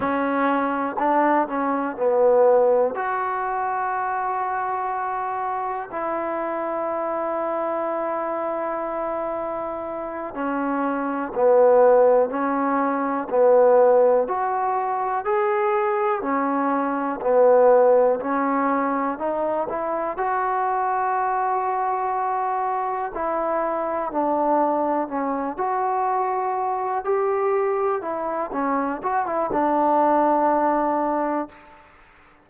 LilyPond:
\new Staff \with { instrumentName = "trombone" } { \time 4/4 \tempo 4 = 61 cis'4 d'8 cis'8 b4 fis'4~ | fis'2 e'2~ | e'2~ e'8 cis'4 b8~ | b8 cis'4 b4 fis'4 gis'8~ |
gis'8 cis'4 b4 cis'4 dis'8 | e'8 fis'2. e'8~ | e'8 d'4 cis'8 fis'4. g'8~ | g'8 e'8 cis'8 fis'16 e'16 d'2 | }